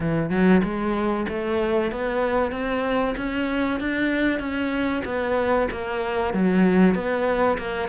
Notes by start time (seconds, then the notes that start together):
0.00 E3
0.30 F#3
0.63 G#3
1.28 A3
1.91 B3
2.51 C4
3.16 C#4
3.80 D4
4.39 C#4
5.04 B3
5.71 A#3
6.33 F#3
6.94 B3
7.58 A#3